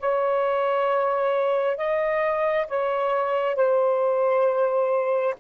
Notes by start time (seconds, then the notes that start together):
0.00 C#5
1.77 D#5
2.68 C#5
3.56 C5